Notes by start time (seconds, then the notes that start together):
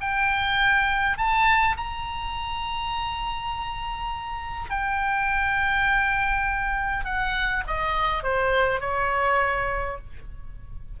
0.00 G5
1.17 A5
1.76 A#5
4.70 G5
7.05 F#5
7.67 D#5
8.23 C5
8.80 C#5